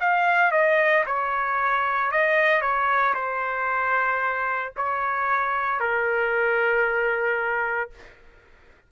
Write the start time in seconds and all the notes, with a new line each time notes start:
0.00 F5
0.51 D#5
1.06 C#5
2.11 D#5
2.61 C#5
3.14 C5
4.76 C#5
5.79 A#4